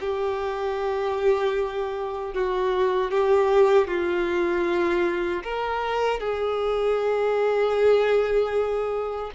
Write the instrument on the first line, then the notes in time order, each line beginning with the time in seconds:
violin
0.00 G4
2.33 F#4
3.11 G4
3.87 F4
5.43 A#4
6.19 G#4